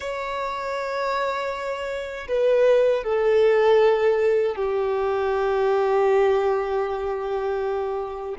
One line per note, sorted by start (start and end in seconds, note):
0.00 2.28 C#5
2.28 3.03 B4
3.03 4.55 A4
4.55 8.35 G4